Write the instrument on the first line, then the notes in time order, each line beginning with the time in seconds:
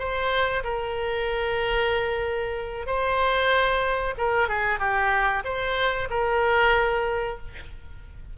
oboe
0.00 C5
0.64 A#4
2.87 C5
4.18 A#4
4.49 G#4
4.80 G4
5.45 C5
6.10 A#4